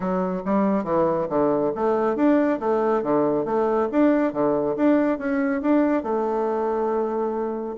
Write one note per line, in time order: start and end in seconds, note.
0.00 0.42 F#3
0.45 0.84 G3
0.84 1.27 E3
1.29 1.72 D3
1.75 2.16 A3
2.16 2.59 D4
2.59 3.02 A3
3.02 3.45 D3
3.45 3.88 A3
3.91 4.32 D4
4.32 4.75 D3
4.76 5.18 D4
5.18 5.61 C#4
5.61 6.03 D4
6.03 7.75 A3